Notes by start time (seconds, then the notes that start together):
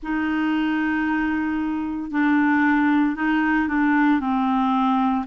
0.02 D#4
2.11 D4
3.15 D#4
3.67 D4
4.20 C4